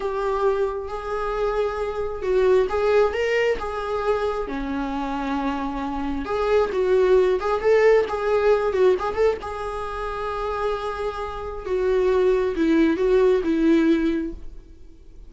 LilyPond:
\new Staff \with { instrumentName = "viola" } { \time 4/4 \tempo 4 = 134 g'2 gis'2~ | gis'4 fis'4 gis'4 ais'4 | gis'2 cis'2~ | cis'2 gis'4 fis'4~ |
fis'8 gis'8 a'4 gis'4. fis'8 | gis'8 a'8 gis'2.~ | gis'2 fis'2 | e'4 fis'4 e'2 | }